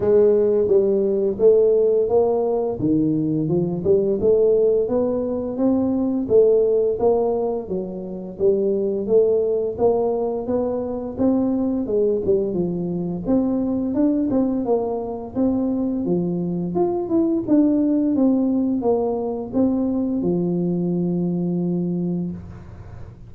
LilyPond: \new Staff \with { instrumentName = "tuba" } { \time 4/4 \tempo 4 = 86 gis4 g4 a4 ais4 | dis4 f8 g8 a4 b4 | c'4 a4 ais4 fis4 | g4 a4 ais4 b4 |
c'4 gis8 g8 f4 c'4 | d'8 c'8 ais4 c'4 f4 | f'8 e'8 d'4 c'4 ais4 | c'4 f2. | }